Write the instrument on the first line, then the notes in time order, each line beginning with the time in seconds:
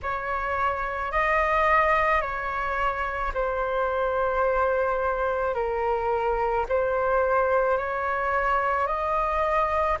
flute
0.02 C#5
1.11 D#5
2.21 C#5
3.34 C5
5.54 A#4
6.68 C5
7.77 C#5
8.86 D#5